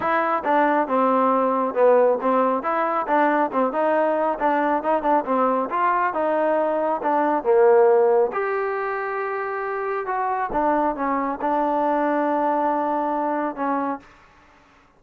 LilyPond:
\new Staff \with { instrumentName = "trombone" } { \time 4/4 \tempo 4 = 137 e'4 d'4 c'2 | b4 c'4 e'4 d'4 | c'8 dis'4. d'4 dis'8 d'8 | c'4 f'4 dis'2 |
d'4 ais2 g'4~ | g'2. fis'4 | d'4 cis'4 d'2~ | d'2. cis'4 | }